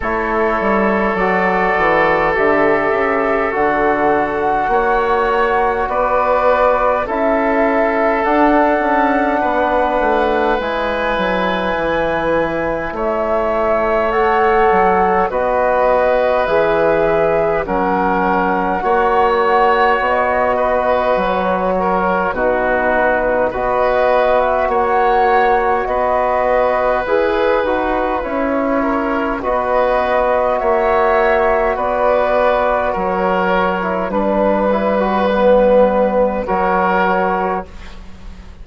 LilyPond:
<<
  \new Staff \with { instrumentName = "flute" } { \time 4/4 \tempo 4 = 51 cis''4 d''4 e''4 fis''4~ | fis''4 d''4 e''4 fis''4~ | fis''4 gis''2 e''4 | fis''4 dis''4 e''4 fis''4~ |
fis''4 dis''4 cis''4 b'4 | dis''8. e''16 fis''4 dis''4 b'4 | cis''4 dis''4 e''4 d''4 | cis''4 b'2 cis''4 | }
  \new Staff \with { instrumentName = "oboe" } { \time 4/4 a'1 | cis''4 b'4 a'2 | b'2. cis''4~ | cis''4 b'2 ais'4 |
cis''4. b'4 ais'8 fis'4 | b'4 cis''4 b'2~ | b'8 ais'8 b'4 cis''4 b'4 | ais'4 b'2 ais'4 | }
  \new Staff \with { instrumentName = "trombone" } { \time 4/4 e'4 fis'4 g'4 fis'4~ | fis'2 e'4 d'4~ | d'4 e'2. | a'4 fis'4 gis'4 cis'4 |
fis'2. dis'4 | fis'2. gis'8 fis'8 | e'4 fis'2.~ | fis'8. e'16 d'8 e'16 fis'16 b4 fis'4 | }
  \new Staff \with { instrumentName = "bassoon" } { \time 4/4 a8 g8 fis8 e8 d8 cis8 d4 | ais4 b4 cis'4 d'8 cis'8 | b8 a8 gis8 fis8 e4 a4~ | a8 fis8 b4 e4 fis4 |
ais4 b4 fis4 b,4 | b4 ais4 b4 e'8 dis'8 | cis'4 b4 ais4 b4 | fis4 g2 fis4 | }
>>